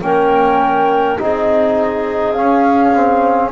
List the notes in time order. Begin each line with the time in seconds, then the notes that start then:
0.00 A#3 C#4 A#4 G5
1.18 C4 D#4 G#4 D#5
2.31 C#4 F5
2.95 C4